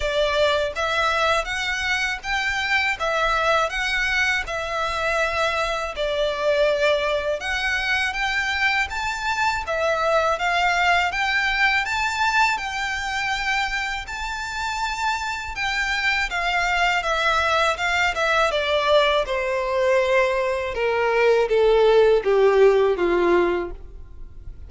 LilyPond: \new Staff \with { instrumentName = "violin" } { \time 4/4 \tempo 4 = 81 d''4 e''4 fis''4 g''4 | e''4 fis''4 e''2 | d''2 fis''4 g''4 | a''4 e''4 f''4 g''4 |
a''4 g''2 a''4~ | a''4 g''4 f''4 e''4 | f''8 e''8 d''4 c''2 | ais'4 a'4 g'4 f'4 | }